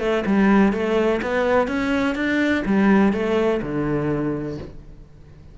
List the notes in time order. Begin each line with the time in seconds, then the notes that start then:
0.00 A3
0.27 G3
0.73 A3
1.22 B3
1.68 C#4
2.16 D4
2.66 G3
3.13 A3
3.62 D3